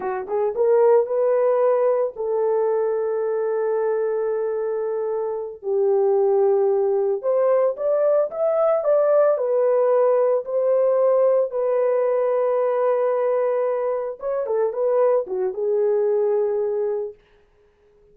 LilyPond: \new Staff \with { instrumentName = "horn" } { \time 4/4 \tempo 4 = 112 fis'8 gis'8 ais'4 b'2 | a'1~ | a'2~ a'8 g'4.~ | g'4. c''4 d''4 e''8~ |
e''8 d''4 b'2 c''8~ | c''4. b'2~ b'8~ | b'2~ b'8 cis''8 a'8 b'8~ | b'8 fis'8 gis'2. | }